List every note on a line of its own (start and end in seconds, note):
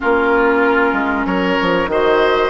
0.00 0.92 A#3
0.00 1.89 C#4
0.00 1.26 F4
0.00 1.26 A#4
0.92 1.24 G#3
1.25 1.57 F#3
1.25 1.89 A#4
1.25 1.89 C#5
1.61 1.87 F3
1.87 2.49 D#3
1.87 2.49 F#4
1.87 2.49 C5
1.87 2.49 D#5